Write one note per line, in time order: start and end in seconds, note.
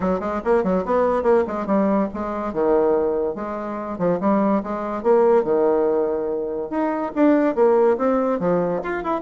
0.00 0.20 F#3
0.20 0.41 G#3
0.44 0.63 A#3
0.63 0.84 F#3
0.85 1.23 B3
1.23 1.44 A#3
1.47 1.66 G#3
1.66 2.08 G3
2.13 2.53 G#3
2.53 3.35 D#3
3.35 3.98 G#3
3.98 4.19 F3
4.20 4.62 G3
4.63 5.03 G#3
5.03 5.44 A#3
5.44 6.69 D#3
6.69 7.11 D#4
7.15 7.55 D4
7.55 7.97 A#3
7.97 8.39 C4
8.39 8.81 F3
8.83 9.03 F4
9.03 9.21 E4